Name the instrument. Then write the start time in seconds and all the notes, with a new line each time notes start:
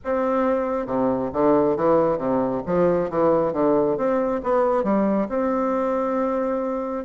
bassoon
0.04 C4
0.86 C3
1.32 D3
1.76 E3
2.17 C3
2.66 F3
3.10 E3
3.53 D3
3.97 C4
4.43 B3
4.83 G3
5.29 C4